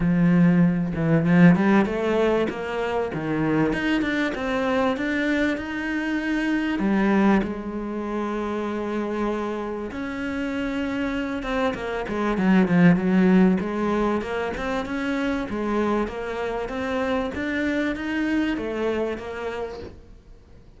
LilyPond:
\new Staff \with { instrumentName = "cello" } { \time 4/4 \tempo 4 = 97 f4. e8 f8 g8 a4 | ais4 dis4 dis'8 d'8 c'4 | d'4 dis'2 g4 | gis1 |
cis'2~ cis'8 c'8 ais8 gis8 | fis8 f8 fis4 gis4 ais8 c'8 | cis'4 gis4 ais4 c'4 | d'4 dis'4 a4 ais4 | }